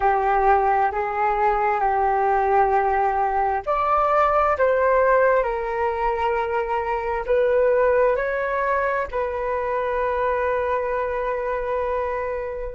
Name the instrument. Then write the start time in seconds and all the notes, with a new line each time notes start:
flute
0.00 G4
0.91 G#4
1.80 G4
3.66 D5
4.58 C5
5.43 A#4
7.26 B4
8.16 C#5
9.11 B4